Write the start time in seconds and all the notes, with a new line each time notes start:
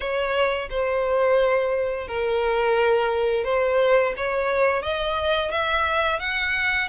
0.00 C#5
0.70 C5
2.07 A#4
3.44 C5
4.16 C#5
4.82 D#5
5.51 E5
6.19 F#5